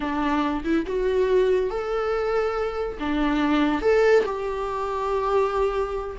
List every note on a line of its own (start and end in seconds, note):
0.00 0.63 D4
0.64 0.85 E4
0.86 1.70 F#4
1.70 2.97 A4
2.99 3.81 D4
3.81 4.24 A4
4.25 6.16 G4